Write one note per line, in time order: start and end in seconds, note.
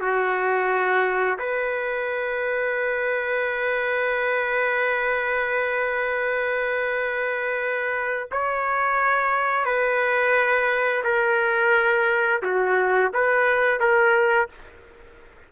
0.00 1.38 F#4
1.39 8.28 B4
8.31 9.65 C#5
9.65 11.03 B4
11.03 12.41 A#4
12.42 13.11 F#4
13.13 13.80 B4
13.80 14.49 A#4